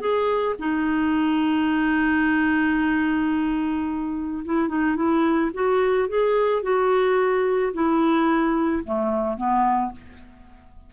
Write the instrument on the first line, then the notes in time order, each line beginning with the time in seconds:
clarinet
0.00 G#4
0.59 D#4
4.45 E4
4.68 D#4
4.96 E4
5.53 F#4
6.08 G#4
6.62 F#4
7.73 E4
8.84 A3
9.37 B3